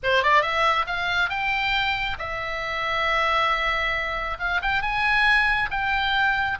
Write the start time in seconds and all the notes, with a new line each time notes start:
0.03 C5
0.23 D5
0.41 E5
0.87 F5
1.29 G5
2.18 E5
4.39 F5
4.62 G5
4.82 G#5
5.71 G5